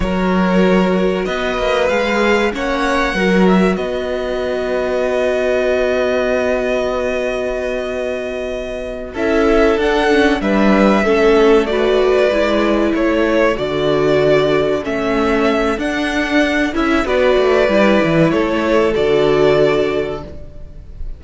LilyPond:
<<
  \new Staff \with { instrumentName = "violin" } { \time 4/4 \tempo 4 = 95 cis''2 dis''4 f''4 | fis''4. e''8 dis''2~ | dis''1~ | dis''2~ dis''8 e''4 fis''8~ |
fis''8 e''2 d''4.~ | d''8 cis''4 d''2 e''8~ | e''4 fis''4. e''8 d''4~ | d''4 cis''4 d''2 | }
  \new Staff \with { instrumentName = "violin" } { \time 4/4 ais'2 b'2 | cis''4 ais'4 b'2~ | b'1~ | b'2~ b'8 a'4.~ |
a'8 b'4 a'4 b'4.~ | b'8 a'2.~ a'8~ | a'2. b'4~ | b'4 a'2. | }
  \new Staff \with { instrumentName = "viola" } { \time 4/4 fis'2. gis'4 | cis'4 fis'2.~ | fis'1~ | fis'2~ fis'8 e'4 d'8 |
cis'8 d'4 cis'4 fis'4 e'8~ | e'4. fis'2 cis'8~ | cis'4 d'4. e'8 fis'4 | e'2 fis'2 | }
  \new Staff \with { instrumentName = "cello" } { \time 4/4 fis2 b8 ais8 gis4 | ais4 fis4 b2~ | b1~ | b2~ b8 cis'4 d'8~ |
d'8 g4 a2 gis8~ | gis8 a4 d2 a8~ | a4 d'4. cis'8 b8 a8 | g8 e8 a4 d2 | }
>>